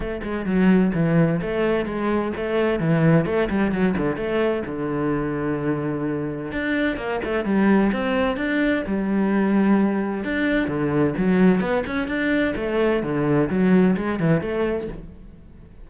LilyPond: \new Staff \with { instrumentName = "cello" } { \time 4/4 \tempo 4 = 129 a8 gis8 fis4 e4 a4 | gis4 a4 e4 a8 g8 | fis8 d8 a4 d2~ | d2 d'4 ais8 a8 |
g4 c'4 d'4 g4~ | g2 d'4 d4 | fis4 b8 cis'8 d'4 a4 | d4 fis4 gis8 e8 a4 | }